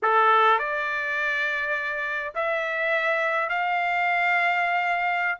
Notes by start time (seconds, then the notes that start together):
0.02 A4
0.59 D5
2.35 E5
3.49 F5